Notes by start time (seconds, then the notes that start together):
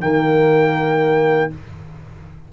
0.00 D#3 A#3 A#4 G5